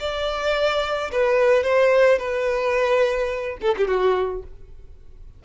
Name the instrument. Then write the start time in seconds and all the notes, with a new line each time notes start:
violin
0.00 D5
1.12 B4
1.63 C5
2.18 B4
3.61 A4
3.78 G4
3.87 F#4